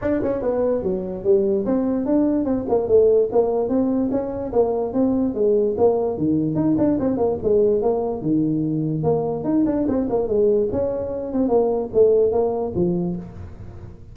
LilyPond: \new Staff \with { instrumentName = "tuba" } { \time 4/4 \tempo 4 = 146 d'8 cis'8 b4 fis4 g4 | c'4 d'4 c'8 ais8 a4 | ais4 c'4 cis'4 ais4 | c'4 gis4 ais4 dis4 |
dis'8 d'8 c'8 ais8 gis4 ais4 | dis2 ais4 dis'8 d'8 | c'8 ais8 gis4 cis'4. c'8 | ais4 a4 ais4 f4 | }